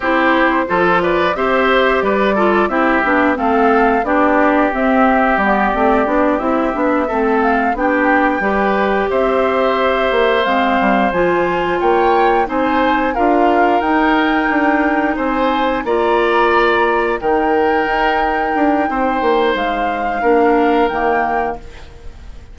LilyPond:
<<
  \new Staff \with { instrumentName = "flute" } { \time 4/4 \tempo 4 = 89 c''4. d''8 e''4 d''4 | e''4 f''4 d''4 e''4 | d''4. e''4. f''8 g''8~ | g''4. e''2 f''8~ |
f''8 gis''4 g''4 gis''4 f''8~ | f''8 g''2 gis''4 ais''8~ | ais''4. g''2~ g''8~ | g''4 f''2 g''4 | }
  \new Staff \with { instrumentName = "oboe" } { \time 4/4 g'4 a'8 b'8 c''4 b'8 a'8 | g'4 a'4 g'2~ | g'2~ g'8 a'4 g'8~ | g'8 b'4 c''2~ c''8~ |
c''4. cis''4 c''4 ais'8~ | ais'2~ ais'8 c''4 d''8~ | d''4. ais'2~ ais'8 | c''2 ais'2 | }
  \new Staff \with { instrumentName = "clarinet" } { \time 4/4 e'4 f'4 g'4. f'8 | e'8 d'8 c'4 d'4 c'4 | b8 c'8 d'8 e'8 d'8 c'4 d'8~ | d'8 g'2. c'8~ |
c'8 f'2 dis'4 f'8~ | f'8 dis'2. f'8~ | f'4. dis'2~ dis'8~ | dis'2 d'4 ais4 | }
  \new Staff \with { instrumentName = "bassoon" } { \time 4/4 c'4 f4 c'4 g4 | c'8 b8 a4 b4 c'4 | g8 a8 b8 c'8 b8 a4 b8~ | b8 g4 c'4. ais8 gis8 |
g8 f4 ais4 c'4 d'8~ | d'8 dis'4 d'4 c'4 ais8~ | ais4. dis4 dis'4 d'8 | c'8 ais8 gis4 ais4 dis4 | }
>>